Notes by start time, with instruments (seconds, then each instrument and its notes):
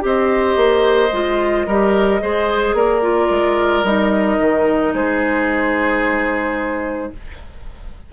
0.00 bassoon C4, clarinet G4, oboe C5, flute D#5
0.56 bassoon A#3
1.12 bassoon G#3, clarinet F4
1.67 bassoon G3, clarinet G4, oboe A#4
2.21 bassoon G#3, clarinet G#4, oboe C5
2.73 bassoon A#3, oboe A#4, flute D5
3.02 clarinet F4
3.30 bassoon G#3
3.83 bassoon G3, clarinet D#4, flute D#5
4.40 bassoon D#3
4.93 bassoon G#3, oboe G#4, flute C5